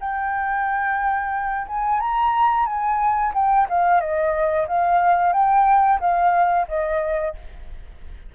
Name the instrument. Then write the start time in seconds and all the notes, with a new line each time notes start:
flute
0.00 G5
1.67 G#5
2.00 A#5
2.66 G#5
3.34 G5
3.69 F5
4.00 D#5
4.67 F5
5.33 G5
6.00 F5
6.68 D#5